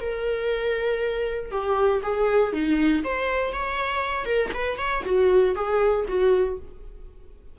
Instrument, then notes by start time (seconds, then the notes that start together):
viola
0.00 A#4
1.51 G4
2.02 G#4
2.52 D#4
3.03 C5
3.52 C#5
4.25 A#4
4.54 B4
4.78 C#5
5.05 F#4
5.55 G#4
6.08 F#4